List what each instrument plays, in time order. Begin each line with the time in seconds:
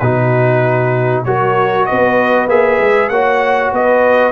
0.00 tuba B2, trombone D#4, horn F#4, trumpet B4
1.25 tuba F#3, trombone F#4, horn A#4, trumpet C#5
1.86 tuba B3, horn B4, trumpet D#5
2.48 tuba A#3, trombone G#4, trumpet E5
2.79 tuba G#3
3.10 tuba A#3, trombone F#4, horn C#5, trumpet F#5
3.73 tuba B3, horn B4, trumpet D#5